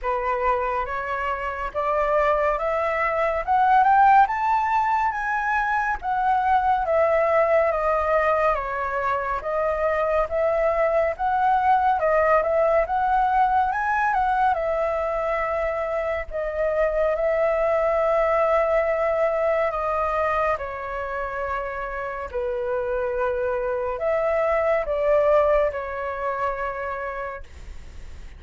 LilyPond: \new Staff \with { instrumentName = "flute" } { \time 4/4 \tempo 4 = 70 b'4 cis''4 d''4 e''4 | fis''8 g''8 a''4 gis''4 fis''4 | e''4 dis''4 cis''4 dis''4 | e''4 fis''4 dis''8 e''8 fis''4 |
gis''8 fis''8 e''2 dis''4 | e''2. dis''4 | cis''2 b'2 | e''4 d''4 cis''2 | }